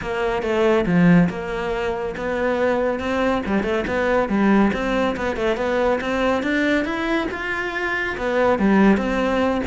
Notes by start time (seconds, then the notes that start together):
0.01 A#3
0.42 A3
0.86 F3
1.29 A#3
2.16 B3
2.99 C4
3.46 G3
3.63 A3
3.87 B3
4.28 G3
4.73 C4
5.16 B3
5.36 A3
5.56 B3
6.01 C4
6.43 D4
6.84 E4
7.31 F4
8.17 B3
8.59 G3
8.97 C4